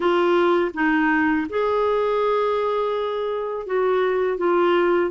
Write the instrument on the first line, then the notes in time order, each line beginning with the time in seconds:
clarinet
0.00 F4
0.74 D#4
1.49 G#4
3.66 F#4
4.37 F4